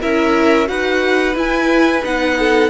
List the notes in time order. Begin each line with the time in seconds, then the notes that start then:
0.00 C#4 E4 A#4 E5
0.65 D#4 F#4 B4 F#5
1.34 E4 G#5
2.03 B3 D#4 F#5
2.39 A4